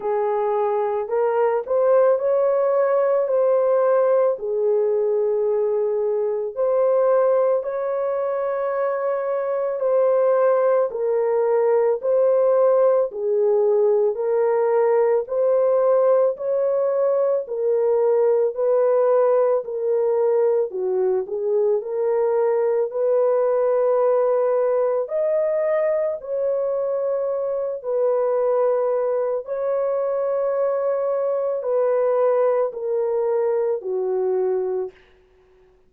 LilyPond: \new Staff \with { instrumentName = "horn" } { \time 4/4 \tempo 4 = 55 gis'4 ais'8 c''8 cis''4 c''4 | gis'2 c''4 cis''4~ | cis''4 c''4 ais'4 c''4 | gis'4 ais'4 c''4 cis''4 |
ais'4 b'4 ais'4 fis'8 gis'8 | ais'4 b'2 dis''4 | cis''4. b'4. cis''4~ | cis''4 b'4 ais'4 fis'4 | }